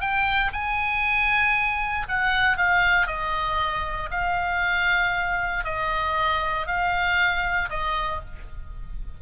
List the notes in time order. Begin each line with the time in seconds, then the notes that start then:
0.00 G5
0.53 G#5
2.08 F#5
2.57 F5
3.07 D#5
4.10 F5
5.64 D#5
6.66 F5
7.69 D#5